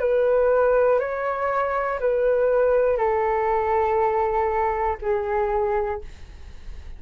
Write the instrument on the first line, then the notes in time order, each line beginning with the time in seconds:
flute
0.00 B4
1.00 C#5
2.00 B4
2.97 A4
5.02 G#4